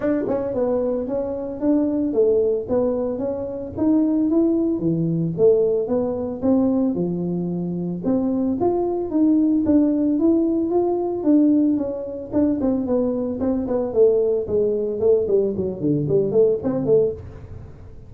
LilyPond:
\new Staff \with { instrumentName = "tuba" } { \time 4/4 \tempo 4 = 112 d'8 cis'8 b4 cis'4 d'4 | a4 b4 cis'4 dis'4 | e'4 e4 a4 b4 | c'4 f2 c'4 |
f'4 dis'4 d'4 e'4 | f'4 d'4 cis'4 d'8 c'8 | b4 c'8 b8 a4 gis4 | a8 g8 fis8 d8 g8 a8 c'8 a8 | }